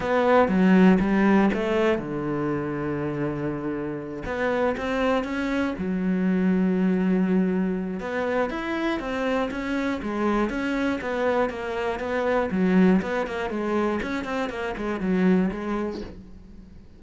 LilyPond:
\new Staff \with { instrumentName = "cello" } { \time 4/4 \tempo 4 = 120 b4 fis4 g4 a4 | d1~ | d8 b4 c'4 cis'4 fis8~ | fis1 |
b4 e'4 c'4 cis'4 | gis4 cis'4 b4 ais4 | b4 fis4 b8 ais8 gis4 | cis'8 c'8 ais8 gis8 fis4 gis4 | }